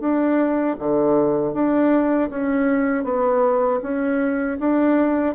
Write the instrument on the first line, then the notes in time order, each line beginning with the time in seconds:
bassoon
0.00 D4
0.79 D3
1.54 D4
2.30 C#4
3.04 B3
3.83 C#4
4.59 D4